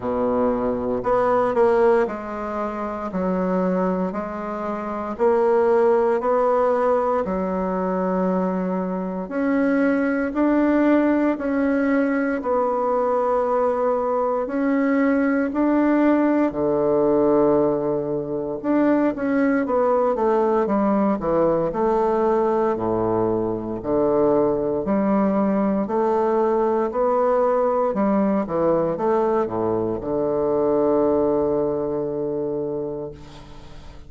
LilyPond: \new Staff \with { instrumentName = "bassoon" } { \time 4/4 \tempo 4 = 58 b,4 b8 ais8 gis4 fis4 | gis4 ais4 b4 fis4~ | fis4 cis'4 d'4 cis'4 | b2 cis'4 d'4 |
d2 d'8 cis'8 b8 a8 | g8 e8 a4 a,4 d4 | g4 a4 b4 g8 e8 | a8 a,8 d2. | }